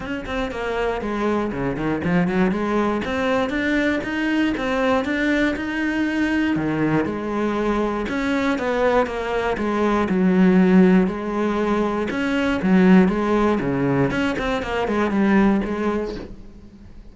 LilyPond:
\new Staff \with { instrumentName = "cello" } { \time 4/4 \tempo 4 = 119 cis'8 c'8 ais4 gis4 cis8 dis8 | f8 fis8 gis4 c'4 d'4 | dis'4 c'4 d'4 dis'4~ | dis'4 dis4 gis2 |
cis'4 b4 ais4 gis4 | fis2 gis2 | cis'4 fis4 gis4 cis4 | cis'8 c'8 ais8 gis8 g4 gis4 | }